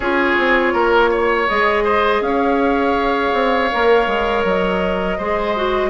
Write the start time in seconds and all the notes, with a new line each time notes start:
0.00 C#4 F4 G#4 C#5
0.37 C4
0.73 A#3 A#4
1.10 C#5
1.48 G#3 G#4 D#5
1.84 C5
2.20 C#4 C#5 F5
3.33 C4
3.71 A#3 A#4
4.07 G#3
4.44 F#3 D#5
5.17 G#3 G#4 C5
5.56 F#4